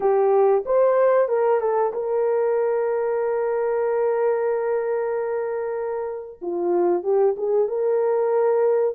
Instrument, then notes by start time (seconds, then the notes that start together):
horn
0.00 G4
0.65 C5
1.28 A#4
1.60 A4
1.93 A#4
6.41 F4
7.03 G4
7.37 G#4
7.67 A#4